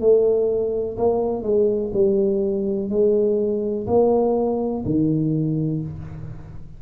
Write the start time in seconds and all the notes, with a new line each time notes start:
0.00 A3
0.97 A#3
1.43 G#3
1.94 G3
2.89 G#3
3.87 A#3
4.85 D#3